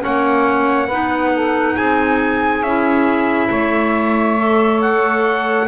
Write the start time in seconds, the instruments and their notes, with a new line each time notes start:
0.00 double bass A#3, clarinet C#4, saxophone C#5, trumpet F#5
0.86 double bass B3, clarinet D#4, saxophone B4
1.35 saxophone A4
1.74 double bass C4, saxophone G#4, trumpet G#5
2.62 double bass C#4, clarinet E4, trumpet E5
3.49 double bass A3, saxophone C#5
4.37 clarinet A4
4.81 trumpet F#5